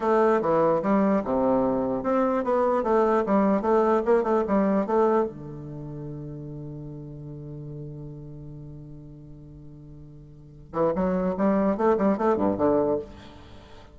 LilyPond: \new Staff \with { instrumentName = "bassoon" } { \time 4/4 \tempo 4 = 148 a4 e4 g4 c4~ | c4 c'4 b4 a4 | g4 a4 ais8 a8 g4 | a4 d2.~ |
d1~ | d1~ | d2~ d8 e8 fis4 | g4 a8 g8 a8 g,8 d4 | }